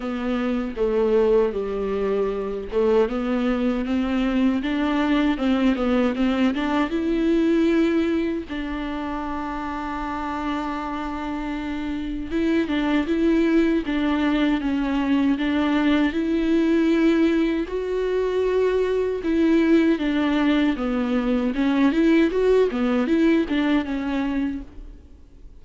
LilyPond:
\new Staff \with { instrumentName = "viola" } { \time 4/4 \tempo 4 = 78 b4 a4 g4. a8 | b4 c'4 d'4 c'8 b8 | c'8 d'8 e'2 d'4~ | d'1 |
e'8 d'8 e'4 d'4 cis'4 | d'4 e'2 fis'4~ | fis'4 e'4 d'4 b4 | cis'8 e'8 fis'8 b8 e'8 d'8 cis'4 | }